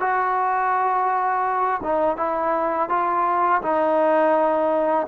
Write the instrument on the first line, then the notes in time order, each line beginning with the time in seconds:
trombone
0.00 F#4
1.83 D#4
2.17 E4
2.89 F4
3.62 D#4